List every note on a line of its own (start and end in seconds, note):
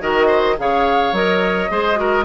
0.00 0.57 D#3
0.00 0.56 F#4
0.00 0.27 A#4
0.00 0.57 D#5
0.27 0.55 C5
0.57 1.12 C#3
0.57 1.13 G#4
0.57 1.71 C#5
0.57 1.14 F5
1.12 1.68 F#3
1.12 1.69 A#4
1.12 2.24 D#5
1.70 2.24 G#3
1.70 1.95 G#4
1.70 1.99 C5
1.95 2.23 F#4
1.95 2.24 A#4